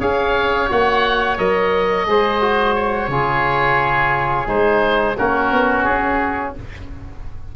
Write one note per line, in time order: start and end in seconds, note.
0.00 0.70 C#4
0.00 0.69 G#4
0.00 2.07 C#5
0.00 0.70 F5
0.69 1.39 A#3
0.69 1.38 F#4
0.69 1.38 F#5
1.38 2.08 F#3
1.38 2.07 A#4
1.38 2.75 D#5
2.07 3.08 G#3
2.07 2.41 G#4
2.07 3.12 C5
2.41 3.10 F#4
2.75 4.48 C#5
3.08 4.46 C#3
3.08 4.47 F4
3.08 5.17 G#4
4.47 5.16 G#3
4.47 5.16 D#4
4.47 5.18 C5
5.17 5.52 A#3
5.17 6.56 C#4
5.17 6.55 F#4
5.17 5.84 A#4
5.52 5.86 B3
5.84 6.55 C#4
5.84 6.53 G#4